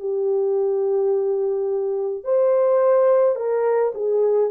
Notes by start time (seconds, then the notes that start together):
0.00 G4
2.24 C5
3.36 A#4
3.95 G#4